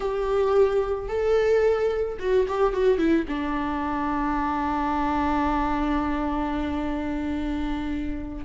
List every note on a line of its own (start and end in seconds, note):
0.00 1.08 G4
1.08 2.17 A4
2.19 2.46 F#4
2.47 2.73 G4
2.73 2.98 F#4
2.98 3.25 E4
3.28 8.44 D4